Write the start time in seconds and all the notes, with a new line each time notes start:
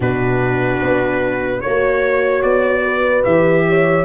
0.00 B2 D4 F#4 B4
0.81 B3
1.60 A#3 F#4 C#5
2.42 B3 D5
2.84 B4
3.24 E3 G4 E5
3.68 C#5